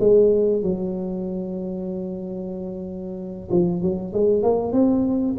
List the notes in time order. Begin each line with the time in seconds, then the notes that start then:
0.00 G#3
0.63 F#3
3.51 F3
3.82 F#3
4.14 G#3
4.43 A#3
4.73 C4